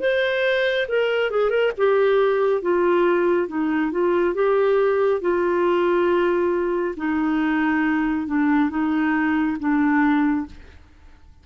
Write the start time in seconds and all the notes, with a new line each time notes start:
0.00 C5
0.89 A#4
1.31 G#4
1.50 A#4
1.77 G4
2.62 F4
3.48 D#4
3.92 F4
4.34 G4
5.21 F4
6.97 D#4
8.27 D4
8.70 D#4
9.60 D4